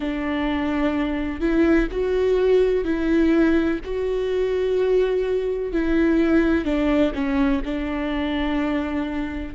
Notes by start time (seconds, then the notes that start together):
0.00 D4
1.40 E4
1.91 F#4
2.84 E4
3.84 F#4
5.72 E4
6.64 D4
7.14 C#4
7.65 D4